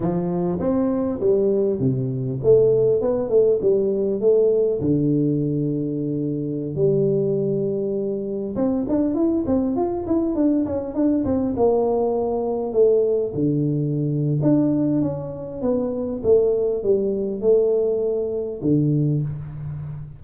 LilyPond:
\new Staff \with { instrumentName = "tuba" } { \time 4/4 \tempo 4 = 100 f4 c'4 g4 c4 | a4 b8 a8 g4 a4 | d2.~ d16 g8.~ | g2~ g16 c'8 d'8 e'8 c'16~ |
c'16 f'8 e'8 d'8 cis'8 d'8 c'8 ais8.~ | ais4~ ais16 a4 d4.~ d16 | d'4 cis'4 b4 a4 | g4 a2 d4 | }